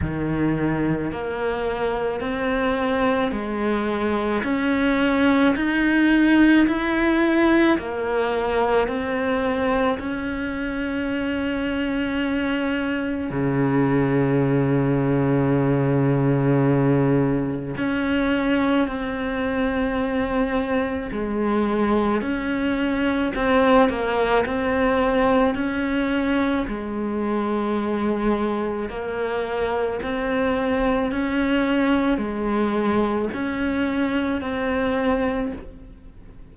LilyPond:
\new Staff \with { instrumentName = "cello" } { \time 4/4 \tempo 4 = 54 dis4 ais4 c'4 gis4 | cis'4 dis'4 e'4 ais4 | c'4 cis'2. | cis1 |
cis'4 c'2 gis4 | cis'4 c'8 ais8 c'4 cis'4 | gis2 ais4 c'4 | cis'4 gis4 cis'4 c'4 | }